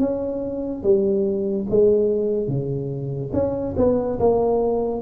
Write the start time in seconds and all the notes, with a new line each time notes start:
0.00 C#4
0.84 G3
1.70 G#3
2.48 C#3
3.34 C#4
3.77 B3
4.20 A#3